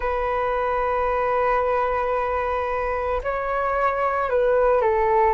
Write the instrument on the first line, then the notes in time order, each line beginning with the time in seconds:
flute
0.00 B4
3.23 C#5
4.29 B4
4.81 A4